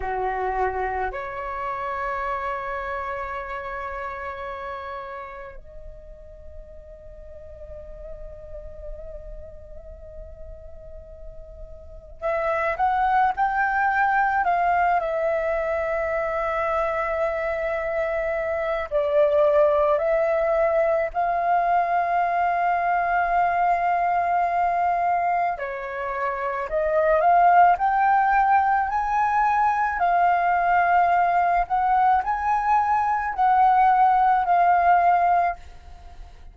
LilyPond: \new Staff \with { instrumentName = "flute" } { \time 4/4 \tempo 4 = 54 fis'4 cis''2.~ | cis''4 dis''2.~ | dis''2. e''8 fis''8 | g''4 f''8 e''2~ e''8~ |
e''4 d''4 e''4 f''4~ | f''2. cis''4 | dis''8 f''8 g''4 gis''4 f''4~ | f''8 fis''8 gis''4 fis''4 f''4 | }